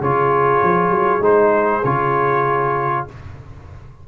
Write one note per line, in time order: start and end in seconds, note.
0.00 0.61 C#3
0.00 1.21 F4
0.00 3.06 G#4
0.00 1.24 C#5
0.63 0.90 F3
0.90 1.20 F#3
1.20 1.81 G#3
1.20 1.82 D#4
1.20 1.84 C5
1.84 3.07 C#3
1.84 3.08 F4
1.84 3.07 C#5